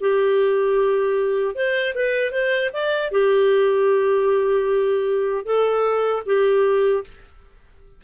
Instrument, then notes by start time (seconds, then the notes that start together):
clarinet
0.00 G4
1.54 C5
1.94 B4
2.31 C5
2.73 D5
3.11 G4
5.45 A4
6.26 G4